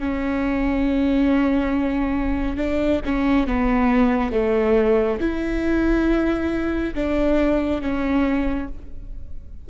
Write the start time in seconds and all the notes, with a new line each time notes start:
0.00 C#4
2.57 D4
3.06 C#4
3.47 B3
4.32 A3
5.21 E4
6.95 D4
7.82 C#4